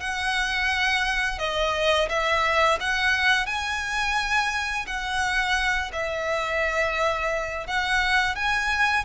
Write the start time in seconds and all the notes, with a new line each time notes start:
0.00 F#5
1.39 D#5
2.09 E5
2.80 F#5
3.46 G#5
4.87 F#5
5.92 E5
7.67 F#5
8.35 G#5